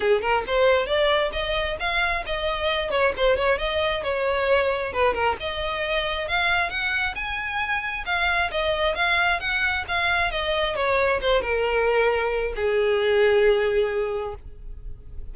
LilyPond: \new Staff \with { instrumentName = "violin" } { \time 4/4 \tempo 4 = 134 gis'8 ais'8 c''4 d''4 dis''4 | f''4 dis''4. cis''8 c''8 cis''8 | dis''4 cis''2 b'8 ais'8 | dis''2 f''4 fis''4 |
gis''2 f''4 dis''4 | f''4 fis''4 f''4 dis''4 | cis''4 c''8 ais'2~ ais'8 | gis'1 | }